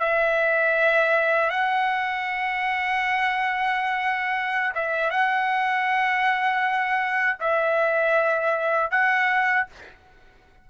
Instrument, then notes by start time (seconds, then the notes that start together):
trumpet
0.00 E5
1.51 F#5
4.75 E5
5.11 F#5
7.40 E5
8.91 F#5